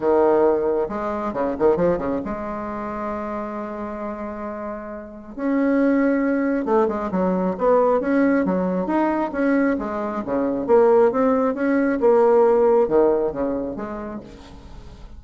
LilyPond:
\new Staff \with { instrumentName = "bassoon" } { \time 4/4 \tempo 4 = 135 dis2 gis4 cis8 dis8 | f8 cis8 gis2.~ | gis1 | cis'2. a8 gis8 |
fis4 b4 cis'4 fis4 | dis'4 cis'4 gis4 cis4 | ais4 c'4 cis'4 ais4~ | ais4 dis4 cis4 gis4 | }